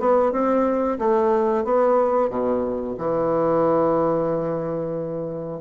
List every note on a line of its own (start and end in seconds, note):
0.00 0.32 B3
0.32 0.98 C4
0.99 1.65 A3
1.65 2.30 B3
2.30 2.96 B2
2.98 5.62 E3